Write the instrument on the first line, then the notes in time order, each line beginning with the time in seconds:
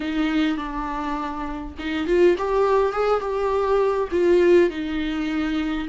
viola
0.00 D#4
0.57 D4
1.78 D#4
2.06 F4
2.38 G4
2.92 G#4
3.20 G4
4.11 F4
4.70 D#4